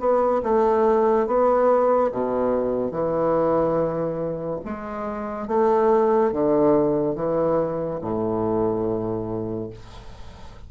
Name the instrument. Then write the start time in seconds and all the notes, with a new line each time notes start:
bassoon
0.00 B3
0.43 A3
1.27 B3
2.12 B2
2.92 E3
4.65 G#3
5.48 A3
6.33 D3
7.16 E3
8.02 A2